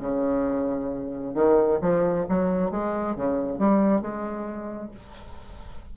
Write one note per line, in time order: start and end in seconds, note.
0.00 1.34 C#3
1.34 1.79 D#3
1.81 2.26 F3
2.29 2.71 F#3
2.71 3.15 G#3
3.16 3.58 C#3
3.58 4.01 G3
4.01 4.91 G#3